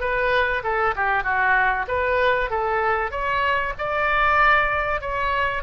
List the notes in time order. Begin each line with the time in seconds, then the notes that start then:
0.00 B4
0.63 A4
0.96 G4
1.23 F#4
1.88 B4
2.50 A4
3.11 C#5
3.78 D5
5.01 C#5